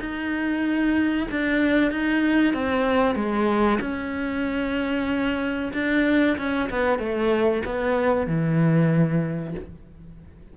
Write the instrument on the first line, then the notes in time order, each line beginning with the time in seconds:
cello
0.00 D#4
1.31 D4
1.91 D#4
2.54 C4
3.15 G#3
3.81 C#4
5.74 D4
6.38 C#4
6.70 B3
6.99 A3
7.66 B3
8.27 E3